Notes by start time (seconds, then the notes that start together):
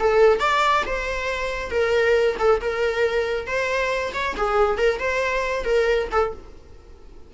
0.00 A4
0.40 D5
0.86 C5
1.71 A#4
2.39 A4
2.61 A#4
3.47 C5
4.14 C#5
4.37 G#4
4.78 A#4
4.99 C5
5.65 A#4
6.12 A4